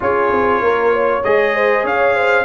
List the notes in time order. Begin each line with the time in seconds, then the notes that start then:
0.00 C#4 F4 G#4 C#5
0.32 C4
0.61 A#3 A#4
0.93 C#5
1.23 G#3 G#4 D#5
1.55 C5
1.83 C#4 C#5 F5
2.15 C5